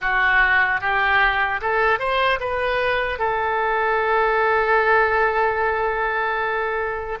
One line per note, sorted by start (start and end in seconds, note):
0.01 0.80 F#4
0.80 1.60 G4
1.61 1.99 A4
1.99 2.39 C5
2.40 3.19 B4
3.19 7.19 A4